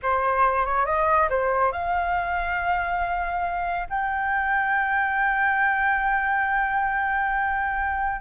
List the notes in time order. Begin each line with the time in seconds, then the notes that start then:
0.02 C5
0.65 C#5
0.85 D#5
1.29 C5
1.71 F5
3.89 G5